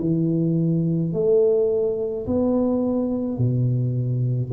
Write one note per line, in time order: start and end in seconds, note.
0.00 1.13 E3
1.13 2.26 A3
2.27 3.39 B3
3.39 4.52 B2